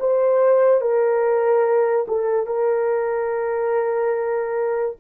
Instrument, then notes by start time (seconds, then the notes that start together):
horn
0.00 C5
0.81 A#4
2.08 A4
2.46 A#4